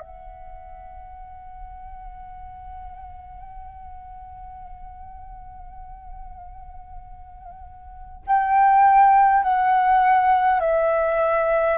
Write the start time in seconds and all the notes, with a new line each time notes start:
0.00 F#5
8.27 G5
9.43 F#5
10.60 E5